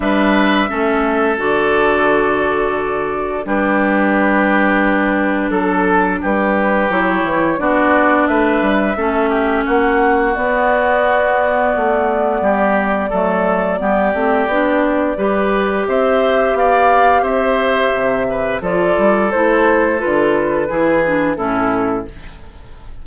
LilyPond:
<<
  \new Staff \with { instrumentName = "flute" } { \time 4/4 \tempo 4 = 87 e''2 d''2~ | d''4 b'2. | a'4 b'4 cis''4 d''4 | e''2 fis''4 d''4~ |
d''1~ | d''2. e''4 | f''4 e''2 d''4 | c''4 b'2 a'4 | }
  \new Staff \with { instrumentName = "oboe" } { \time 4/4 b'4 a'2.~ | a'4 g'2. | a'4 g'2 fis'4 | b'4 a'8 g'8 fis'2~ |
fis'2 g'4 a'4 | g'2 b'4 c''4 | d''4 c''4. b'8 a'4~ | a'2 gis'4 e'4 | }
  \new Staff \with { instrumentName = "clarinet" } { \time 4/4 d'4 cis'4 fis'2~ | fis'4 d'2.~ | d'2 e'4 d'4~ | d'4 cis'2 b4~ |
b2. a4 | b8 c'8 d'4 g'2~ | g'2. f'4 | e'4 f'4 e'8 d'8 cis'4 | }
  \new Staff \with { instrumentName = "bassoon" } { \time 4/4 g4 a4 d2~ | d4 g2. | fis4 g4 fis8 e8 b4 | a8 g8 a4 ais4 b4~ |
b4 a4 g4 fis4 | g8 a8 b4 g4 c'4 | b4 c'4 c4 f8 g8 | a4 d4 e4 a,4 | }
>>